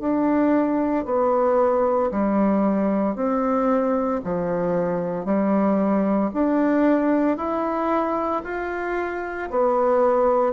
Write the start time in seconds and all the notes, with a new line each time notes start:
0.00 D4
1.05 B3
2.11 G3
3.15 C4
4.24 F3
5.25 G3
6.33 D4
7.37 E4
8.44 F4
9.50 B3